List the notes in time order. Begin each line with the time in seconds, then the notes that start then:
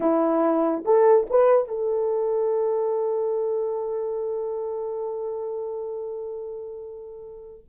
0.00 E4
0.84 A4
1.30 B4
1.68 A4